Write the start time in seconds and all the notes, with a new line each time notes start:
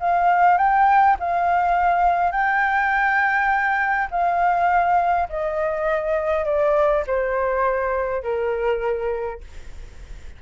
0.00 F5
0.57 G5
1.20 F5
2.32 G5
4.11 F5
5.29 D#5
6.45 D5
7.07 C5
8.23 A#4